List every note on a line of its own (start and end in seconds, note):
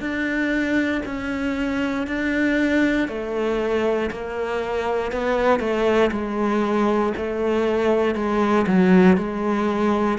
0.00 1.02 D4
1.05 2.07 C#4
2.07 3.08 D4
3.08 4.10 A3
4.11 5.12 A#3
5.12 5.60 B3
5.60 6.11 A3
6.11 7.13 G#3
7.17 8.15 A3
8.15 8.66 G#3
8.67 9.17 F#3
9.17 10.18 G#3